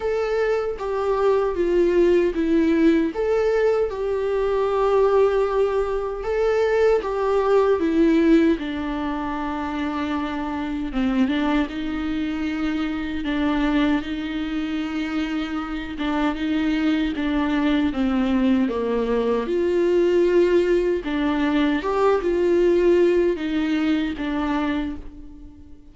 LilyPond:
\new Staff \with { instrumentName = "viola" } { \time 4/4 \tempo 4 = 77 a'4 g'4 f'4 e'4 | a'4 g'2. | a'4 g'4 e'4 d'4~ | d'2 c'8 d'8 dis'4~ |
dis'4 d'4 dis'2~ | dis'8 d'8 dis'4 d'4 c'4 | ais4 f'2 d'4 | g'8 f'4. dis'4 d'4 | }